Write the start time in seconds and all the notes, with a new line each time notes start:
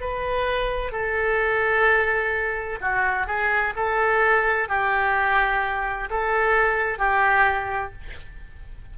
0.00 B4
0.92 A4
2.81 F#4
3.26 G#4
3.76 A4
4.68 G4
6.10 A4
6.98 G4